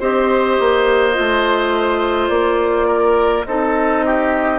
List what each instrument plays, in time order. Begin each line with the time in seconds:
0.00 bassoon C4, clarinet G4, oboe C5, flute D#5
0.59 bassoon A#3
1.13 bassoon A3, clarinet F4
2.29 bassoon A#3, flute D5
2.88 oboe A#4
3.46 bassoon C4, clarinet D#4, oboe A4, flute D#5
4.06 oboe G4